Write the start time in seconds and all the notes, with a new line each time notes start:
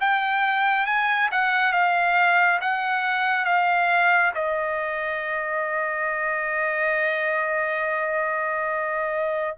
0.00 G5
0.86 G#5
1.32 F#5
1.73 F5
2.61 F#5
3.45 F5
4.34 D#5